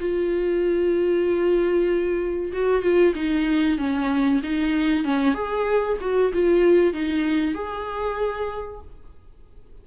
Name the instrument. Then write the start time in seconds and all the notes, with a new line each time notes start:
viola
0.00 F4
2.53 F#4
2.82 F4
3.15 D#4
3.78 C#4
4.43 D#4
5.05 C#4
5.35 G#4
6.01 F#4
6.34 F4
6.93 D#4
7.55 G#4